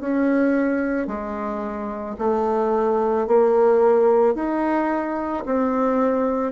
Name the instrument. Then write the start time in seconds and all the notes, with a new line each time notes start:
bassoon
0.00 C#4
1.07 G#3
2.18 A3
3.27 A#3
4.35 D#4
5.45 C4